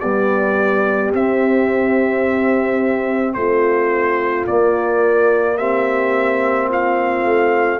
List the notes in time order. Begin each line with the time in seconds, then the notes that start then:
0.00 G3 B3 G4 D5
1.13 C4 E5
3.34 A3 F4 C5
4.47 A#3 D5
5.58 C4 G4 E5
6.69 F4 F5
7.25 A3